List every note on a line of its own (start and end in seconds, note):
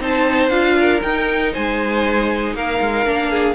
0.00 0.50 C4
0.00 0.50 D#4
0.00 0.78 C5
0.00 0.49 A5
0.49 1.01 D4
0.49 1.01 F4
0.49 1.00 F5
0.80 1.53 A#4
1.02 1.55 D#4
1.02 3.05 D#4
1.02 1.53 G5
1.53 2.54 G#3
1.53 2.54 C5
1.53 2.56 G#5
2.54 2.79 A#3
2.54 3.31 A#4
2.54 3.55 F5
2.81 3.06 G#3
3.05 3.55 A#3
3.05 3.55 D4
3.31 3.55 G#4